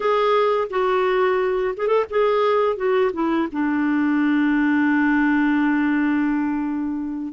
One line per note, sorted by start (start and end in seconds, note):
0.00 0.68 G#4
0.70 1.74 F#4
1.76 1.87 G#4
1.87 2.04 A4
2.10 2.76 G#4
2.76 3.11 F#4
3.13 3.48 E4
3.52 7.33 D4